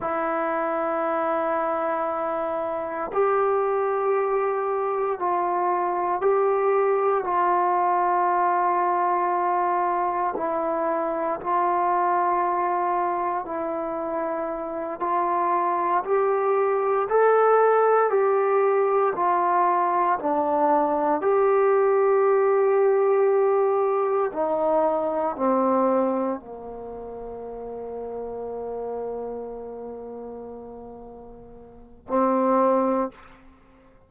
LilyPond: \new Staff \with { instrumentName = "trombone" } { \time 4/4 \tempo 4 = 58 e'2. g'4~ | g'4 f'4 g'4 f'4~ | f'2 e'4 f'4~ | f'4 e'4. f'4 g'8~ |
g'8 a'4 g'4 f'4 d'8~ | d'8 g'2. dis'8~ | dis'8 c'4 ais2~ ais8~ | ais2. c'4 | }